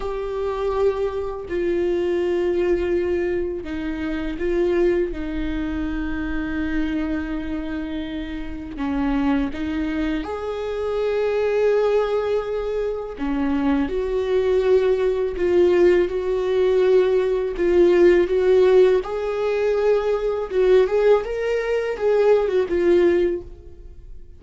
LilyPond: \new Staff \with { instrumentName = "viola" } { \time 4/4 \tempo 4 = 82 g'2 f'2~ | f'4 dis'4 f'4 dis'4~ | dis'1 | cis'4 dis'4 gis'2~ |
gis'2 cis'4 fis'4~ | fis'4 f'4 fis'2 | f'4 fis'4 gis'2 | fis'8 gis'8 ais'4 gis'8. fis'16 f'4 | }